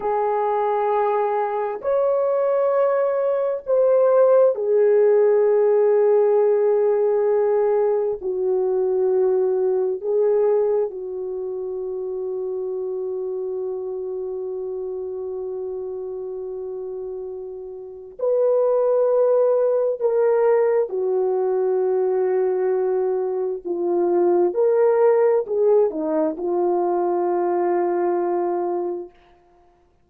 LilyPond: \new Staff \with { instrumentName = "horn" } { \time 4/4 \tempo 4 = 66 gis'2 cis''2 | c''4 gis'2.~ | gis'4 fis'2 gis'4 | fis'1~ |
fis'1 | b'2 ais'4 fis'4~ | fis'2 f'4 ais'4 | gis'8 dis'8 f'2. | }